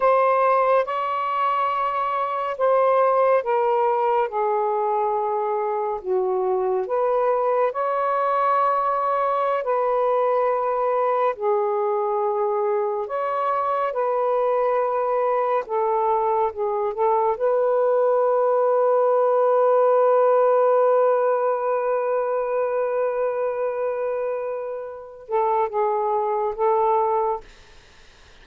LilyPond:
\new Staff \with { instrumentName = "saxophone" } { \time 4/4 \tempo 4 = 70 c''4 cis''2 c''4 | ais'4 gis'2 fis'4 | b'4 cis''2~ cis''16 b'8.~ | b'4~ b'16 gis'2 cis''8.~ |
cis''16 b'2 a'4 gis'8 a'16~ | a'16 b'2.~ b'8.~ | b'1~ | b'4. a'8 gis'4 a'4 | }